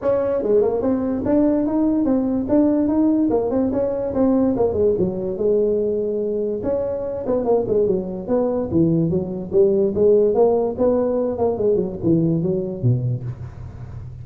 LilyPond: \new Staff \with { instrumentName = "tuba" } { \time 4/4 \tempo 4 = 145 cis'4 gis8 ais8 c'4 d'4 | dis'4 c'4 d'4 dis'4 | ais8 c'8 cis'4 c'4 ais8 gis8 | fis4 gis2. |
cis'4. b8 ais8 gis8 fis4 | b4 e4 fis4 g4 | gis4 ais4 b4. ais8 | gis8 fis8 e4 fis4 b,4 | }